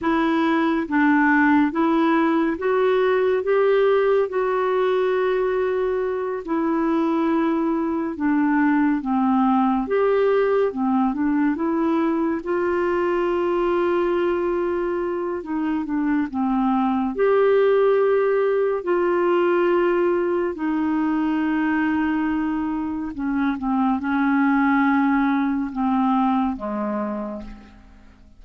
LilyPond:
\new Staff \with { instrumentName = "clarinet" } { \time 4/4 \tempo 4 = 70 e'4 d'4 e'4 fis'4 | g'4 fis'2~ fis'8 e'8~ | e'4. d'4 c'4 g'8~ | g'8 c'8 d'8 e'4 f'4.~ |
f'2 dis'8 d'8 c'4 | g'2 f'2 | dis'2. cis'8 c'8 | cis'2 c'4 gis4 | }